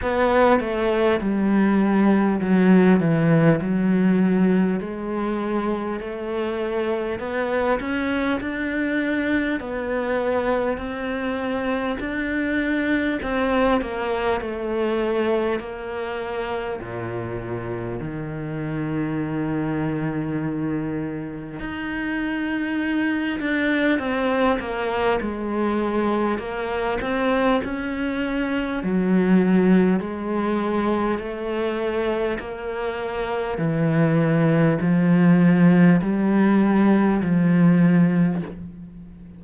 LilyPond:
\new Staff \with { instrumentName = "cello" } { \time 4/4 \tempo 4 = 50 b8 a8 g4 fis8 e8 fis4 | gis4 a4 b8 cis'8 d'4 | b4 c'4 d'4 c'8 ais8 | a4 ais4 ais,4 dis4~ |
dis2 dis'4. d'8 | c'8 ais8 gis4 ais8 c'8 cis'4 | fis4 gis4 a4 ais4 | e4 f4 g4 f4 | }